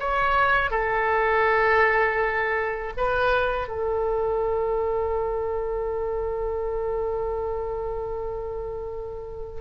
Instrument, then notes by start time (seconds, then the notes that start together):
oboe
0.00 C#5
0.71 A4
2.97 B4
3.68 A4